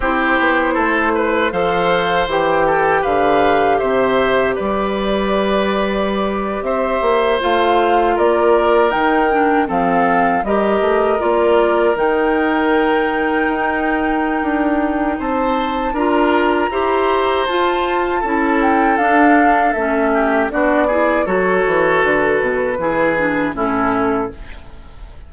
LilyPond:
<<
  \new Staff \with { instrumentName = "flute" } { \time 4/4 \tempo 4 = 79 c''2 f''4 g''4 | f''4 e''4 d''2~ | d''8. e''4 f''4 d''4 g''16~ | g''8. f''4 dis''4 d''4 g''16~ |
g''1 | a''4 ais''2 a''4~ | a''8 g''8 f''4 e''4 d''4 | cis''4 b'2 a'4 | }
  \new Staff \with { instrumentName = "oboe" } { \time 4/4 g'4 a'8 b'8 c''4. a'8 | b'4 c''4 b'2~ | b'8. c''2 ais'4~ ais'16~ | ais'8. a'4 ais'2~ ais'16~ |
ais'1 | c''4 ais'4 c''2 | a'2~ a'8 g'8 fis'8 gis'8 | a'2 gis'4 e'4 | }
  \new Staff \with { instrumentName = "clarinet" } { \time 4/4 e'2 a'4 g'4~ | g'1~ | g'4.~ g'16 f'2 dis'16~ | dis'16 d'8 c'4 g'4 f'4 dis'16~ |
dis'1~ | dis'4 f'4 g'4 f'4 | e'4 d'4 cis'4 d'8 e'8 | fis'2 e'8 d'8 cis'4 | }
  \new Staff \with { instrumentName = "bassoon" } { \time 4/4 c'8 b8 a4 f4 e4 | d4 c4 g2~ | g8. c'8 ais8 a4 ais4 dis16~ | dis8. f4 g8 a8 ais4 dis16~ |
dis4.~ dis16 dis'4~ dis'16 d'4 | c'4 d'4 e'4 f'4 | cis'4 d'4 a4 b4 | fis8 e8 d8 b,8 e4 a,4 | }
>>